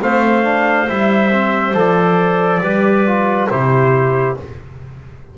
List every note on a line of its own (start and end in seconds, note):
0.00 0.88 A3
0.00 0.43 C4
0.00 2.62 C5
0.00 0.88 F5
0.43 0.86 D4
0.87 1.74 G3
0.87 1.30 E4
0.87 1.75 E5
1.31 1.74 C4
1.74 2.60 F3
1.74 2.61 A4
1.74 3.50 D5
2.60 3.47 G3
2.60 3.06 G4
2.60 3.49 B4
3.06 3.50 F4
3.50 4.37 C3
3.50 4.37 E4
3.50 4.37 G4
3.50 4.37 C5